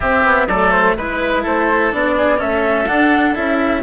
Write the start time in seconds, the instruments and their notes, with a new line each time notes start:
0.00 cello C4, bassoon C4, oboe G4, flute E5
0.24 cello B3
0.47 bassoon F#3, cello A3, oboe A4, flute D5
0.71 flute C5
0.96 bassoon G#3, cello E4, flute B4, oboe B4
1.42 bassoon A3, oboe A4, flute C5
1.92 bassoon B3, cello D4, flute D5
2.17 oboe G#4
2.37 bassoon A3, cello C#4, oboe A4, flute E5
2.87 cello D4, bassoon D4, flute F#5
3.35 bassoon C#4, cello E4, flute E5